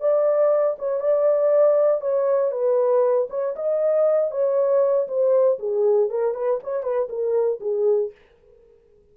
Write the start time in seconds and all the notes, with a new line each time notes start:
0.00 D5
0.78 C#5
1.00 D5
2.01 C#5
2.51 B4
3.29 C#5
3.56 D#5
4.31 C#5
5.07 C5
5.59 G#4
6.09 A#4
6.34 B4
6.63 C#5
6.83 B4
7.08 A#4
7.60 G#4